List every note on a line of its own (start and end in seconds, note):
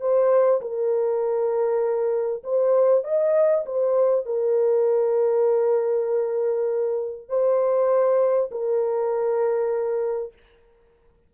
0.00 0.61 C5
0.61 2.43 A#4
2.44 3.04 C5
3.04 3.65 D#5
3.66 4.26 C5
4.26 7.29 A#4
7.29 8.50 C5
8.51 10.33 A#4